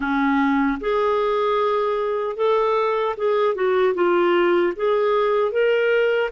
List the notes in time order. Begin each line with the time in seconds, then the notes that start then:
0.00 C#4
0.80 G#4
2.36 A4
3.17 G#4
3.54 F#4
3.94 F4
4.76 G#4
5.51 A#4